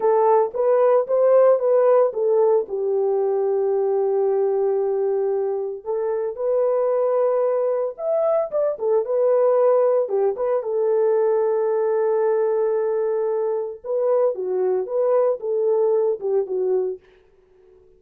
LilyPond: \new Staff \with { instrumentName = "horn" } { \time 4/4 \tempo 4 = 113 a'4 b'4 c''4 b'4 | a'4 g'2.~ | g'2. a'4 | b'2. e''4 |
d''8 a'8 b'2 g'8 b'8 | a'1~ | a'2 b'4 fis'4 | b'4 a'4. g'8 fis'4 | }